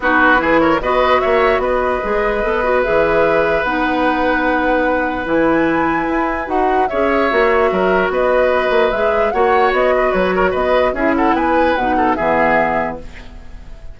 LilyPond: <<
  \new Staff \with { instrumentName = "flute" } { \time 4/4 \tempo 4 = 148 b'4. cis''8 dis''4 e''4 | dis''2. e''4~ | e''4 fis''2.~ | fis''4 gis''2. |
fis''4 e''2. | dis''2 e''4 fis''4 | dis''4 cis''4 dis''4 e''8 fis''8 | gis''4 fis''4 e''2 | }
  \new Staff \with { instrumentName = "oboe" } { \time 4/4 fis'4 gis'8 ais'8 b'4 cis''4 | b'1~ | b'1~ | b'1~ |
b'4 cis''2 ais'4 | b'2. cis''4~ | cis''8 b'4 ais'8 b'4 gis'8 a'8 | b'4. a'8 gis'2 | }
  \new Staff \with { instrumentName = "clarinet" } { \time 4/4 dis'4 e'4 fis'2~ | fis'4 gis'4 a'8 fis'8 gis'4~ | gis'4 dis'2.~ | dis'4 e'2. |
fis'4 gis'4 fis'2~ | fis'2 gis'4 fis'4~ | fis'2. e'4~ | e'4 dis'4 b2 | }
  \new Staff \with { instrumentName = "bassoon" } { \time 4/4 b4 e4 b4 ais4 | b4 gis4 b4 e4~ | e4 b2.~ | b4 e2 e'4 |
dis'4 cis'4 ais4 fis4 | b4. ais8 gis4 ais4 | b4 fis4 b4 cis'4 | b4 b,4 e2 | }
>>